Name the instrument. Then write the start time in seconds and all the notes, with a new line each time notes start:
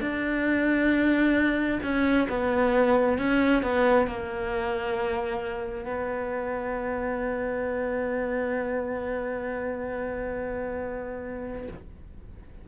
cello
0.00 D4
1.82 C#4
2.29 B3
3.18 C#4
3.62 B3
4.07 A#3
5.85 B3